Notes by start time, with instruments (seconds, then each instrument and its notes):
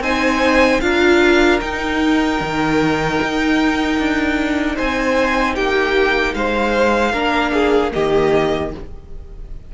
0.00 cello C4, viola D#4, violin C5 G#5
0.81 cello D4, viola F4, violin A#4 F5
1.61 viola D#4, cello D#4, violin G5
2.41 cello D#3
3.23 cello D#4
3.99 cello D4
4.76 cello C4, violin C5 G#5
5.55 cello A#3, violin G4 G5
6.35 cello G#3, violin C5 F5
7.12 cello A#3, viola D4, violin A#4
7.54 violin G#4
7.92 cello D#3, viola A#3, violin G4 D#5